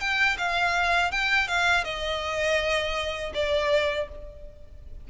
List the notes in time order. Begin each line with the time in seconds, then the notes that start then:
0.00 G5
0.38 F5
1.11 G5
1.48 F5
1.84 D#5
3.34 D5